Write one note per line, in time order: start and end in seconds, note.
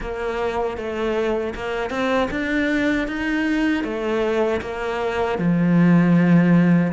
0.00 0.77 A#3
0.77 1.54 A3
1.54 1.90 A#3
1.90 2.28 C4
2.30 3.07 D4
3.07 3.84 D#4
3.84 4.60 A3
4.61 5.38 A#3
5.38 6.92 F3